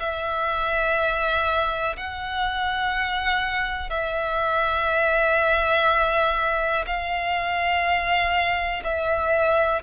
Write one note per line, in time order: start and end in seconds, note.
0.00 1.97 E5
1.97 3.90 F#5
3.90 6.85 E5
6.87 8.83 F5
8.84 9.83 E5